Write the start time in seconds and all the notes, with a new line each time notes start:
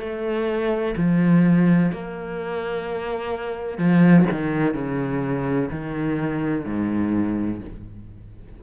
0.00 A3
0.97 F3
1.92 A#3
3.78 F3
4.32 D#3
4.75 C#3
5.71 D#3
6.66 G#2